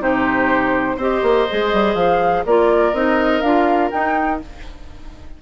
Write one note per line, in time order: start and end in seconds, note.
0.00 0.97 C3
0.00 0.98 D#4
0.00 0.97 G4
0.00 1.00 C5
0.97 1.22 C4
0.97 1.49 G4
0.97 2.43 C5
0.97 1.96 D#5
1.23 1.47 A#3
1.50 1.73 G#3
1.50 2.47 G#4
1.73 1.95 G3
1.95 2.44 F3
1.95 2.44 F5
2.46 2.93 A#3
2.46 2.94 F4
2.46 4.42 A#4
2.46 2.94 D5
2.93 3.42 C4
2.93 3.43 D#4
2.93 3.42 D#5
3.42 3.91 D4
3.42 3.92 F4
3.42 3.90 F5
3.91 4.41 D#4
3.91 4.42 D#4
3.91 4.40 G5